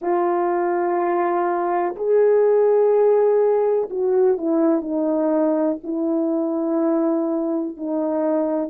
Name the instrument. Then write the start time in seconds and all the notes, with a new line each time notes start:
horn
0.01 F4
1.95 G#4
3.89 F#4
4.37 E4
4.81 D#4
5.83 E4
7.76 D#4